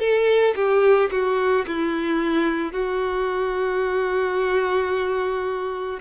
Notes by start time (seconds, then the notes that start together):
0.00 A4
0.56 G4
1.11 F#4
1.67 E4
2.73 F#4